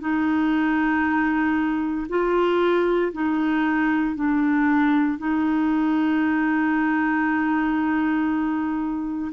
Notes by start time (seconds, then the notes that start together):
0.00 D#4
2.09 F4
3.13 D#4
4.15 D4
5.18 D#4